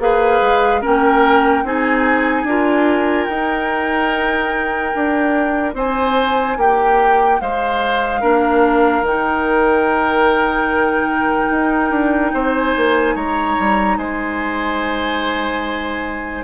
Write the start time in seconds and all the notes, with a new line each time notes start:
0.00 A#3 G#4 B4 F5
0.42 G#3
0.82 A#3 C#4 A#4 G5
1.65 C4 D#4 G#4 G#5
2.44 D4 F4 A#4
3.26 D#4 G5
4.95 D4
5.74 C4 C5 G#5
6.57 A#3 G4 G5
7.41 G#3 C5 F5
8.21 A#3 D4 A#4
9.02 D#3 D#4 G5
11.51 D#4
11.91 D4
12.34 C4 C5
12.56 G#5
12.77 A#3
13.16 G#3 C#5 A#5
13.59 G3
13.97 G#3 C5 G#5